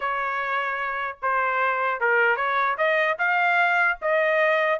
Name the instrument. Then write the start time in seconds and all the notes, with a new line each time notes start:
trumpet
0.00 C#5
1.22 C5
2.00 A#4
2.36 C#5
2.77 D#5
3.18 F5
4.01 D#5